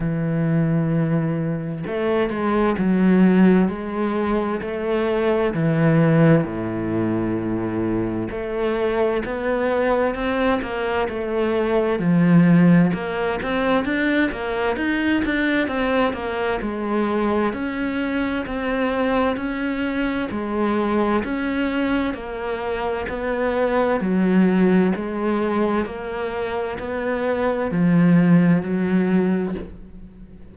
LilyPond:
\new Staff \with { instrumentName = "cello" } { \time 4/4 \tempo 4 = 65 e2 a8 gis8 fis4 | gis4 a4 e4 a,4~ | a,4 a4 b4 c'8 ais8 | a4 f4 ais8 c'8 d'8 ais8 |
dis'8 d'8 c'8 ais8 gis4 cis'4 | c'4 cis'4 gis4 cis'4 | ais4 b4 fis4 gis4 | ais4 b4 f4 fis4 | }